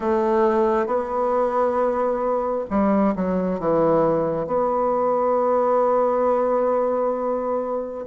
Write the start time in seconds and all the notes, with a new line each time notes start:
0.00 A3
0.86 B3
2.69 G3
3.15 F#3
3.59 E3
4.47 B3